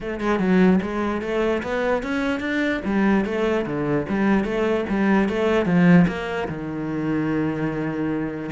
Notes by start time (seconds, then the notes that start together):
0.00 A3
0.20 G#3
0.39 F#3
0.82 G#3
1.21 A3
1.62 B3
2.02 C#4
2.40 D4
2.84 G3
3.25 A3
3.65 D3
4.08 G3
4.44 A3
4.89 G3
5.29 A3
5.65 F3
6.07 A#3
6.48 D#3